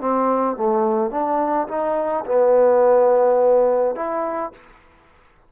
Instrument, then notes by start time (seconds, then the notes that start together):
trombone
0.00 C4
0.57 A3
1.11 D4
1.68 D#4
2.26 B3
3.96 E4